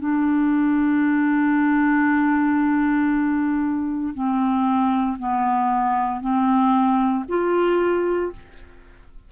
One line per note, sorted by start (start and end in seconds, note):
0.00 4.14 D4
4.14 5.18 C4
5.19 6.21 B3
6.21 7.25 C4
7.29 8.32 F4